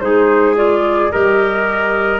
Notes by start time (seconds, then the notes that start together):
0.00 G#3 D#4 G#4 C5
0.55 F4 D5
1.11 G3 G4 A#4 D#5